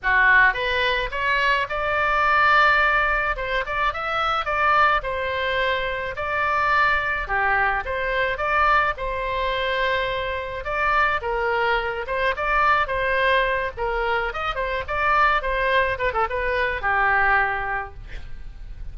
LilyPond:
\new Staff \with { instrumentName = "oboe" } { \time 4/4 \tempo 4 = 107 fis'4 b'4 cis''4 d''4~ | d''2 c''8 d''8 e''4 | d''4 c''2 d''4~ | d''4 g'4 c''4 d''4 |
c''2. d''4 | ais'4. c''8 d''4 c''4~ | c''8 ais'4 dis''8 c''8 d''4 c''8~ | c''8 b'16 a'16 b'4 g'2 | }